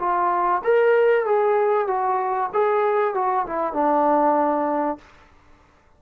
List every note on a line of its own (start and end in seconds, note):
0.00 0.62 F4
0.64 1.26 A#4
1.26 1.88 G#4
1.88 2.50 F#4
2.53 3.15 G#4
3.15 3.46 F#4
3.47 3.74 E4
3.74 4.99 D4